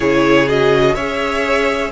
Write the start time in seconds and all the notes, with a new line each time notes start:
0.00 C#3 E4 G#4 C#5
0.48 F#4 D#5
0.94 C#4 G#4 C#5 E5